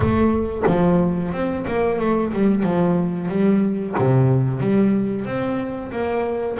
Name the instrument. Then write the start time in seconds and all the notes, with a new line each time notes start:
double bass
0.00 A3
0.67 F3
1.32 C4
1.67 A#3
1.99 A3
2.33 G3
2.63 F3
3.28 G3
3.98 C3
4.60 G3
5.25 C4
5.91 A#3